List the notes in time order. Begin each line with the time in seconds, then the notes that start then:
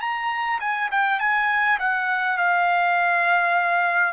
0.00 A#5
0.60 G#5
0.91 G5
1.19 G#5
1.79 F#5
2.37 F5